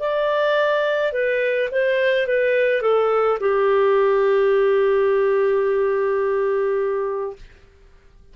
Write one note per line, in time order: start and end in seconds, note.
0.00 1.13 D5
1.13 1.70 B4
1.72 2.27 C5
2.27 2.82 B4
2.82 3.39 A4
3.40 7.37 G4